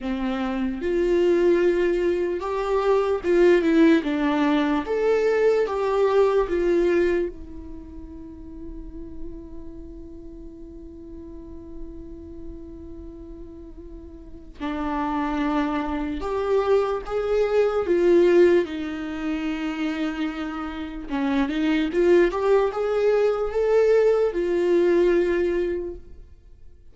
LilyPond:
\new Staff \with { instrumentName = "viola" } { \time 4/4 \tempo 4 = 74 c'4 f'2 g'4 | f'8 e'8 d'4 a'4 g'4 | f'4 e'2.~ | e'1~ |
e'2 d'2 | g'4 gis'4 f'4 dis'4~ | dis'2 cis'8 dis'8 f'8 g'8 | gis'4 a'4 f'2 | }